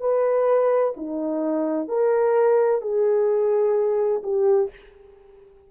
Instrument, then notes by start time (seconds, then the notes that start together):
horn
0.00 B4
0.96 D#4
1.88 A#4
2.81 G#4
4.23 G4